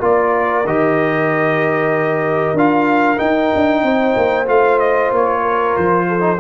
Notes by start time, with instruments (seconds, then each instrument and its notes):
0.00 tuba A#3, trombone F4, horn A#4, trumpet D5
0.66 tuba D#3, trombone G4, trumpet D#5
2.54 tuba D4, trombone F4, trumpet F5
3.18 trombone D#4, tuba D#4, trumpet G5
3.55 tuba D4
3.83 tuba C4, horn C5
4.17 tuba A#3
4.46 tuba A3, trombone F4, trumpet F5
4.80 trumpet D#5
5.12 tuba A#3, trumpet C#5
5.42 horn A#4
5.77 tuba F3, trumpet C5
6.08 horn A4
6.20 trombone D#4